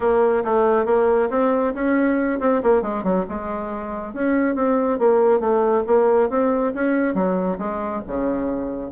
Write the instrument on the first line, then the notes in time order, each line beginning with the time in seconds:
bassoon
0.00 A#3
0.44 A3
0.85 A#3
1.29 C4
1.74 C#4
2.40 C4
2.62 A#3
2.81 G#3
3.03 F#3
3.28 G#3
4.13 C#4
4.55 C4
4.98 A#3
5.40 A3
5.86 A#3
6.29 C4
6.74 C#4
7.14 F#3
7.58 G#3
8.07 C#3